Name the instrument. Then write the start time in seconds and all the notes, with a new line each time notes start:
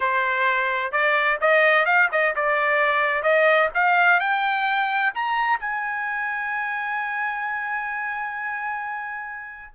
trumpet
0.00 C5
0.92 D5
1.40 D#5
1.85 F5
2.11 D#5
2.35 D5
3.22 D#5
3.74 F5
4.19 G5
5.14 A#5
5.59 G#5